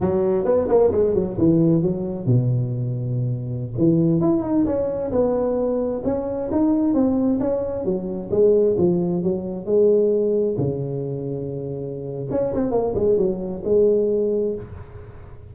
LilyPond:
\new Staff \with { instrumentName = "tuba" } { \time 4/4 \tempo 4 = 132 fis4 b8 ais8 gis8 fis8 e4 | fis4 b,2.~ | b,16 e4 e'8 dis'8 cis'4 b8.~ | b4~ b16 cis'4 dis'4 c'8.~ |
c'16 cis'4 fis4 gis4 f8.~ | f16 fis4 gis2 cis8.~ | cis2. cis'8 c'8 | ais8 gis8 fis4 gis2 | }